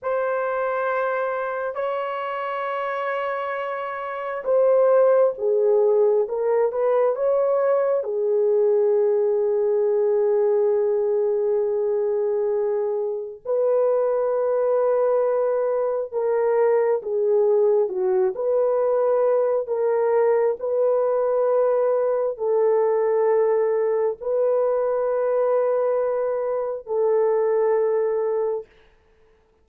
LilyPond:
\new Staff \with { instrumentName = "horn" } { \time 4/4 \tempo 4 = 67 c''2 cis''2~ | cis''4 c''4 gis'4 ais'8 b'8 | cis''4 gis'2.~ | gis'2. b'4~ |
b'2 ais'4 gis'4 | fis'8 b'4. ais'4 b'4~ | b'4 a'2 b'4~ | b'2 a'2 | }